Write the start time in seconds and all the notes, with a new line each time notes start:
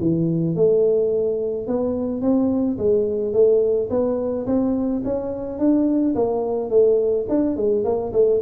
0.00 E3
0.55 A3
1.67 B3
2.21 C4
2.78 G#3
3.33 A3
3.90 B3
4.46 C4
5.04 C#4
5.59 D4
6.15 A#3
6.70 A3
7.29 D4
7.56 G#3
7.84 A#3
8.13 A3